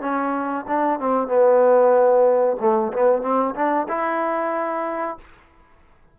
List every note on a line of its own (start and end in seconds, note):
0.00 0.65 C#4
0.67 0.99 D4
0.99 1.28 C4
1.28 2.57 B3
2.60 2.92 A3
2.93 3.22 B3
3.22 3.54 C4
3.55 3.87 D4
3.88 5.17 E4